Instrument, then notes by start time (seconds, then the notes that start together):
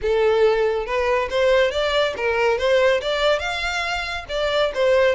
violin
0.01 A4
0.86 B4
1.30 C5
1.71 D5
2.16 A#4
2.58 C5
3.01 D5
3.39 F5
4.29 D5
4.74 C5